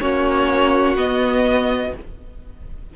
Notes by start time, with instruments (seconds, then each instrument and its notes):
0.00 cello A#3, viola C#4, violin F#4 C#5
0.95 cello B3, viola B3, violin D#5